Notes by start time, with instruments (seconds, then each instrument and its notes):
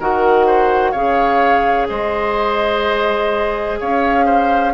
0.00 bassoon D#3, clarinet F#4, oboe A#4, flute F#5
0.46 oboe C5
0.92 bassoon C#3, clarinet G#4, oboe C#5, flute F5
1.88 bassoon G#3, oboe C5, flute D#5
3.80 bassoon C#4, oboe C#5, flute F5
4.26 oboe C5